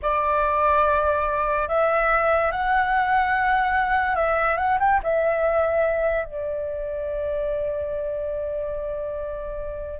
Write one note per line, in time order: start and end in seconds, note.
0.02 1.68 D5
1.68 2.52 E5
2.52 4.15 F#5
4.15 4.57 E5
4.57 4.78 F#5
4.79 5.00 G5
5.03 6.24 E5
6.24 9.99 D5